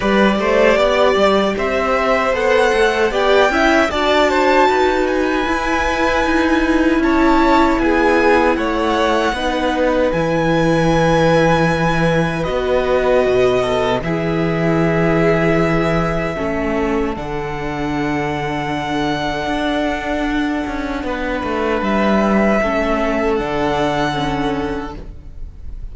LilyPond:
<<
  \new Staff \with { instrumentName = "violin" } { \time 4/4 \tempo 4 = 77 d''2 e''4 fis''4 | g''4 a''4. gis''4.~ | gis''4 a''4 gis''4 fis''4~ | fis''4 gis''2. |
dis''2 e''2~ | e''2 fis''2~ | fis''1 | e''2 fis''2 | }
  \new Staff \with { instrumentName = "violin" } { \time 4/4 b'8 c''8 d''4 c''2 | d''8 e''8 d''8 c''8 b'2~ | b'4 cis''4 gis'4 cis''4 | b'1~ |
b'4. a'8 gis'2~ | gis'4 a'2.~ | a'2. b'4~ | b'4 a'2. | }
  \new Staff \with { instrumentName = "viola" } { \time 4/4 g'2. a'4 | g'8 e'8 fis'2 e'4~ | e'1 | dis'4 e'2. |
fis'2 e'2~ | e'4 cis'4 d'2~ | d'1~ | d'4 cis'4 d'4 cis'4 | }
  \new Staff \with { instrumentName = "cello" } { \time 4/4 g8 a8 b8 g8 c'4 b8 a8 | b8 cis'8 d'4 dis'4 e'4 | dis'4 cis'4 b4 a4 | b4 e2. |
b4 b,4 e2~ | e4 a4 d2~ | d4 d'4. cis'8 b8 a8 | g4 a4 d2 | }
>>